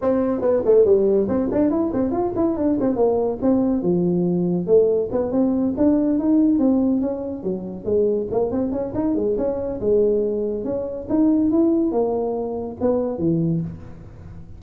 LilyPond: \new Staff \with { instrumentName = "tuba" } { \time 4/4 \tempo 4 = 141 c'4 b8 a8 g4 c'8 d'8 | e'8 c'8 f'8 e'8 d'8 c'8 ais4 | c'4 f2 a4 | b8 c'4 d'4 dis'4 c'8~ |
c'8 cis'4 fis4 gis4 ais8 | c'8 cis'8 dis'8 gis8 cis'4 gis4~ | gis4 cis'4 dis'4 e'4 | ais2 b4 e4 | }